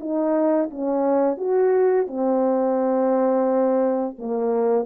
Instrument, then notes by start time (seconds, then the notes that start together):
horn
0.00 D#4
0.70 C#4
1.37 F#4
2.07 C4
4.18 A#3